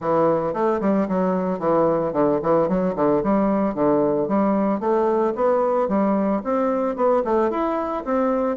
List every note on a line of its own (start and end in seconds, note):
0.00 0.53 E3
0.53 0.80 A3
0.80 1.07 G3
1.08 1.59 F#3
1.59 2.12 E3
2.12 2.39 D3
2.42 2.68 E3
2.68 2.95 F#3
2.95 3.22 D3
3.23 3.74 G3
3.74 4.27 D3
4.27 4.80 G3
4.80 5.33 A3
5.35 5.88 B3
5.88 6.42 G3
6.44 6.95 C4
6.95 7.22 B3
7.24 7.50 A3
7.50 8.04 E4
8.05 8.56 C4